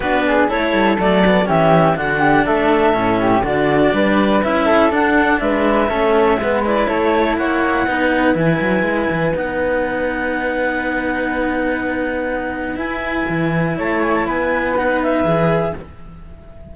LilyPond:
<<
  \new Staff \with { instrumentName = "clarinet" } { \time 4/4 \tempo 4 = 122 b'4 cis''4 d''4 e''4 | fis''4 e''2 d''4~ | d''4 e''4 fis''4 e''4~ | e''4. d''8 cis''4 fis''4~ |
fis''4 gis''2 fis''4~ | fis''1~ | fis''2 gis''2 | a''8 gis''16 a''16 gis''4 fis''8 e''4. | }
  \new Staff \with { instrumentName = "flute" } { \time 4/4 fis'8 gis'8 a'2 g'4 | fis'8 g'8 a'4. g'8 fis'4 | b'4. a'4. b'4 | a'4 b'4 a'4 cis''4 |
b'1~ | b'1~ | b'1 | cis''4 b'2. | }
  \new Staff \with { instrumentName = "cello" } { \time 4/4 d'4 e'4 a8 b8 cis'4 | d'2 cis'4 d'4~ | d'4 e'4 d'2 | cis'4 b8 e'2~ e'8 |
dis'4 e'2 dis'4~ | dis'1~ | dis'2 e'2~ | e'2 dis'4 gis'4 | }
  \new Staff \with { instrumentName = "cello" } { \time 4/4 b4 a8 g8 fis4 e4 | d4 a4 a,4 d4 | g4 cis'4 d'4 gis4 | a4 gis4 a4 ais4 |
b4 e8 fis8 gis8 e8 b4~ | b1~ | b2 e'4 e4 | a4 b2 e4 | }
>>